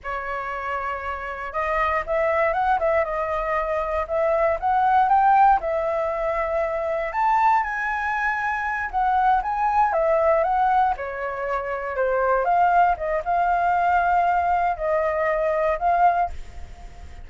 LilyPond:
\new Staff \with { instrumentName = "flute" } { \time 4/4 \tempo 4 = 118 cis''2. dis''4 | e''4 fis''8 e''8 dis''2 | e''4 fis''4 g''4 e''4~ | e''2 a''4 gis''4~ |
gis''4. fis''4 gis''4 e''8~ | e''8 fis''4 cis''2 c''8~ | c''8 f''4 dis''8 f''2~ | f''4 dis''2 f''4 | }